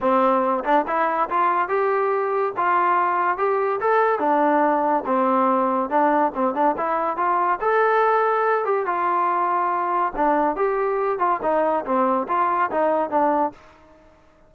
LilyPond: \new Staff \with { instrumentName = "trombone" } { \time 4/4 \tempo 4 = 142 c'4. d'8 e'4 f'4 | g'2 f'2 | g'4 a'4 d'2 | c'2 d'4 c'8 d'8 |
e'4 f'4 a'2~ | a'8 g'8 f'2. | d'4 g'4. f'8 dis'4 | c'4 f'4 dis'4 d'4 | }